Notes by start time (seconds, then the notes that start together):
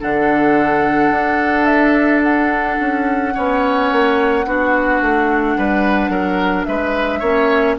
0.00 D3 D4 A4 F#5
1.11 D4
1.65 E5
2.22 F#5
2.79 C#4
3.33 B3 C#4 C#5
3.92 A#3
4.45 B3 D4 F#4
5.01 A3
5.57 G3 B4
6.09 F#3 A#4
6.65 G#3 B4 E5
7.19 A#3 C#4 C#5